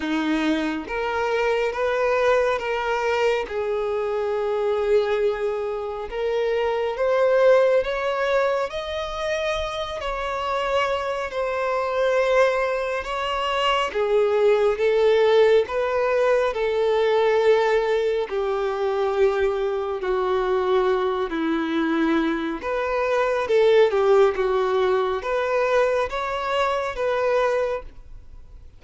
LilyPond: \new Staff \with { instrumentName = "violin" } { \time 4/4 \tempo 4 = 69 dis'4 ais'4 b'4 ais'4 | gis'2. ais'4 | c''4 cis''4 dis''4. cis''8~ | cis''4 c''2 cis''4 |
gis'4 a'4 b'4 a'4~ | a'4 g'2 fis'4~ | fis'8 e'4. b'4 a'8 g'8 | fis'4 b'4 cis''4 b'4 | }